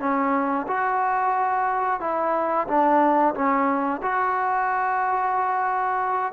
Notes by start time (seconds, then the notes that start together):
0.00 C#4
0.68 F#4
2.01 E4
2.68 D4
3.35 C#4
4.02 F#4